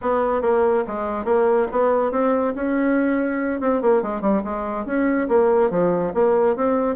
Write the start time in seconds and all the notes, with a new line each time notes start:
0.01 B3
0.41 A#3
0.87 G#3
1.24 A#3
1.71 B3
2.11 C4
2.55 C#4
3.60 C4
3.81 A#3
4.02 G#3
4.21 G3
4.44 G#3
4.85 C#4
5.28 A#3
5.70 F3
6.14 A#3
6.56 C4